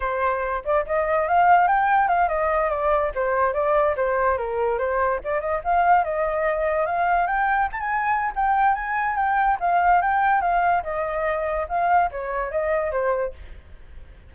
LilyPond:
\new Staff \with { instrumentName = "flute" } { \time 4/4 \tempo 4 = 144 c''4. d''8 dis''4 f''4 | g''4 f''8 dis''4 d''4 c''8~ | c''8 d''4 c''4 ais'4 c''8~ | c''8 d''8 dis''8 f''4 dis''4.~ |
dis''8 f''4 g''4 a''16 gis''4~ gis''16 | g''4 gis''4 g''4 f''4 | g''4 f''4 dis''2 | f''4 cis''4 dis''4 c''4 | }